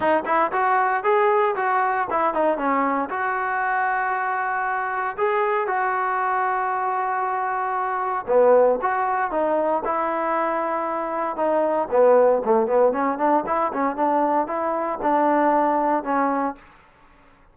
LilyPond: \new Staff \with { instrumentName = "trombone" } { \time 4/4 \tempo 4 = 116 dis'8 e'8 fis'4 gis'4 fis'4 | e'8 dis'8 cis'4 fis'2~ | fis'2 gis'4 fis'4~ | fis'1 |
b4 fis'4 dis'4 e'4~ | e'2 dis'4 b4 | a8 b8 cis'8 d'8 e'8 cis'8 d'4 | e'4 d'2 cis'4 | }